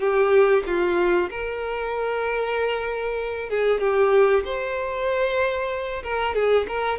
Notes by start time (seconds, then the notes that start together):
0.00 G4
0.66 F4
1.30 A#4
3.50 G#4
3.80 G4
4.45 C5
6.03 A#4
6.35 G#4
6.68 A#4